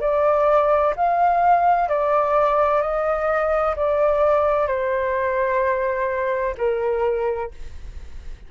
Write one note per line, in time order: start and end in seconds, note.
0.00 0.94 D5
0.95 1.88 F5
1.88 2.81 D5
2.81 3.75 D#5
3.75 4.67 D5
4.67 6.54 C5
6.57 7.51 A#4